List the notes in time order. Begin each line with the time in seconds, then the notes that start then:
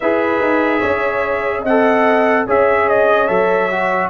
0.00 E4 G#4 B4 E5
0.41 D#4
0.79 C#4 C#5
1.62 C4 D#5 F#5
1.69 A4
2.46 C#4 G#4 C#5 E5
2.88 D#5
3.27 F#3 A4 E5
3.71 F#4